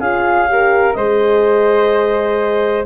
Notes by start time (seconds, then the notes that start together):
0.00 C#4 F4 G#4 F5
0.48 G4 A#4
0.94 G#3 G#4 C5 D#5